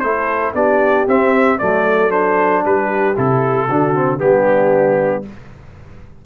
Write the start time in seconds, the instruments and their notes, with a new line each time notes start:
0.00 tuba A3, trombone E4, horn A4, trumpet C5
0.54 tuba B3, trombone D4, horn G4, trumpet D5
1.08 tuba C4, trombone C4, trumpet E5
1.59 tuba F#3, trombone A3, horn A4, trumpet D5
2.10 trombone D4, trumpet C5
2.65 tuba G3, horn G4, trumpet B4
3.17 tuba C3, trombone E4, trumpet A4
3.67 tuba D3, trombone D4, horn F#4
3.95 trombone C4
4.18 tuba G3, trombone B3, horn D4, trumpet G4